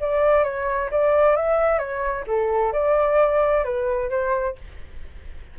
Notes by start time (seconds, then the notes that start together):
0.00 D5
0.44 C#5
0.91 D5
1.36 E5
1.78 C#5
2.27 A4
2.73 D5
3.64 B4
4.10 C5